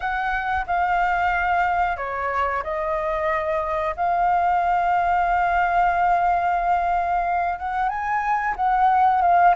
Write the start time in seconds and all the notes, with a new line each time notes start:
0.00 F#5
0.67 F5
1.96 C#5
2.63 D#5
3.96 F5
7.58 F#5
7.89 G#5
8.55 F#5
9.21 F5